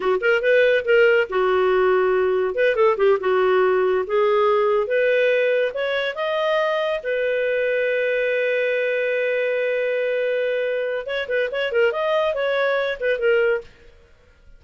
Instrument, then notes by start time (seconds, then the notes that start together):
clarinet
0.00 F#4
0.20 A#4
0.41 B4
0.85 A#4
1.29 F#4
2.55 B4
2.75 A4
2.97 G4
3.20 F#4
4.06 G#4
4.87 B4
5.73 C#5
6.15 D#5
7.03 B4
11.06 C#5
11.28 B4
11.51 C#5
11.72 A#4
11.92 D#5
12.34 C#5
13.00 B4
13.18 A#4